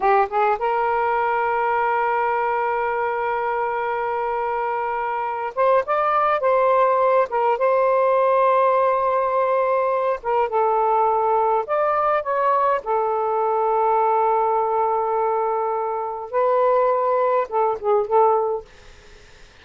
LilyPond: \new Staff \with { instrumentName = "saxophone" } { \time 4/4 \tempo 4 = 103 g'8 gis'8 ais'2.~ | ais'1~ | ais'4. c''8 d''4 c''4~ | c''8 ais'8 c''2.~ |
c''4. ais'8 a'2 | d''4 cis''4 a'2~ | a'1 | b'2 a'8 gis'8 a'4 | }